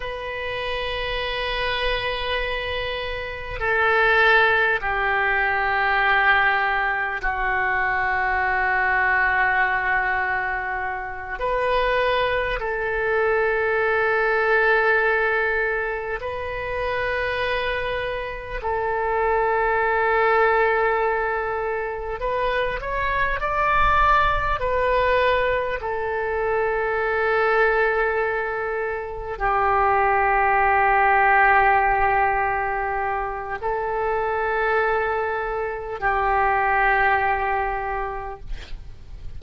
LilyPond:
\new Staff \with { instrumentName = "oboe" } { \time 4/4 \tempo 4 = 50 b'2. a'4 | g'2 fis'2~ | fis'4. b'4 a'4.~ | a'4. b'2 a'8~ |
a'2~ a'8 b'8 cis''8 d''8~ | d''8 b'4 a'2~ a'8~ | a'8 g'2.~ g'8 | a'2 g'2 | }